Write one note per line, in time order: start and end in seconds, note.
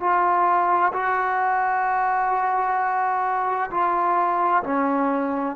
0.00 0.92 F4
0.93 3.70 F#4
3.71 4.63 F4
4.64 5.56 C#4